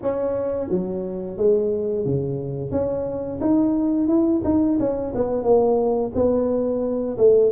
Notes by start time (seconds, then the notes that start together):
0.02 C#4
0.69 F#3
1.37 G#3
2.05 C#3
2.71 C#4
3.40 D#4
4.07 E4
4.44 D#4
4.79 C#4
5.14 B3
5.43 A#3
6.15 B3
7.17 A3